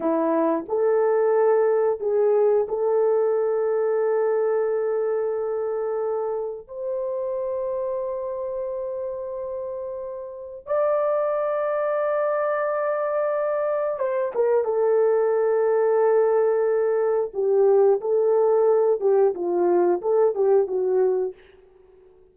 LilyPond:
\new Staff \with { instrumentName = "horn" } { \time 4/4 \tempo 4 = 90 e'4 a'2 gis'4 | a'1~ | a'2 c''2~ | c''1 |
d''1~ | d''4 c''8 ais'8 a'2~ | a'2 g'4 a'4~ | a'8 g'8 f'4 a'8 g'8 fis'4 | }